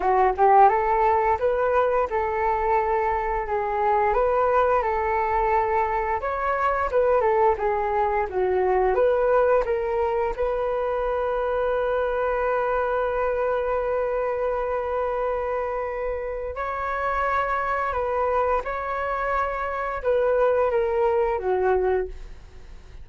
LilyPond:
\new Staff \with { instrumentName = "flute" } { \time 4/4 \tempo 4 = 87 fis'8 g'8 a'4 b'4 a'4~ | a'4 gis'4 b'4 a'4~ | a'4 cis''4 b'8 a'8 gis'4 | fis'4 b'4 ais'4 b'4~ |
b'1~ | b'1 | cis''2 b'4 cis''4~ | cis''4 b'4 ais'4 fis'4 | }